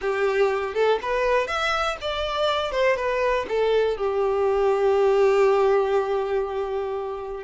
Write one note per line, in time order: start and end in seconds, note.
0.01 0.74 G4
0.74 0.99 A4
1.02 1.47 B4
1.47 1.97 E5
2.01 2.71 D5
2.71 2.96 C5
2.96 3.46 B4
3.48 3.97 A4
3.97 7.43 G4